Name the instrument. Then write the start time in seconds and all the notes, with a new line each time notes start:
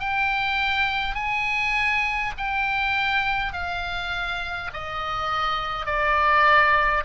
oboe
0.00 G5
1.15 G#5
2.37 G5
3.53 F5
4.74 D#5
5.86 D5